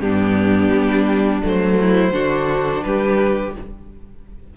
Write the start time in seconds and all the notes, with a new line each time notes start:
0.00 G2 B3 D4 G4
0.71 G3
1.42 F#3 A3 C5
1.81 E4
2.11 D3 D4 F#4
2.83 G3 G4 B4